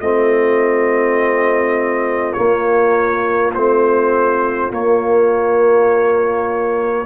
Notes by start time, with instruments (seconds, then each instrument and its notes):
0.00 tuba A3, trombone C4, horn F4, trumpet D#5
2.34 trombone A#3, tuba A#3, trumpet C#5
3.55 tuba A3, trombone C4, trumpet C5
4.71 tuba A#3, trombone A#3, trumpet C#5